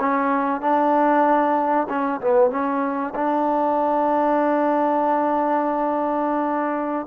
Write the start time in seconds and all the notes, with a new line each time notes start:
0.00 C#4
0.61 D4
1.89 C#4
2.21 B3
2.51 C#4
3.15 D4